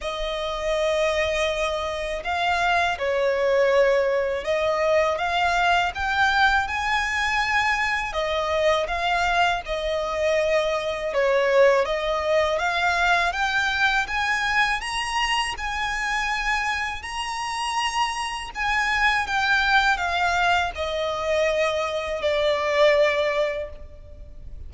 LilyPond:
\new Staff \with { instrumentName = "violin" } { \time 4/4 \tempo 4 = 81 dis''2. f''4 | cis''2 dis''4 f''4 | g''4 gis''2 dis''4 | f''4 dis''2 cis''4 |
dis''4 f''4 g''4 gis''4 | ais''4 gis''2 ais''4~ | ais''4 gis''4 g''4 f''4 | dis''2 d''2 | }